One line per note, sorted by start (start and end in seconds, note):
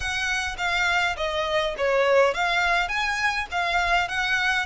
0.00 0.56 F#5
0.57 1.15 F5
1.17 1.75 D#5
1.77 2.34 C#5
2.34 2.88 F5
2.88 3.46 G#5
3.51 4.08 F5
4.08 4.66 F#5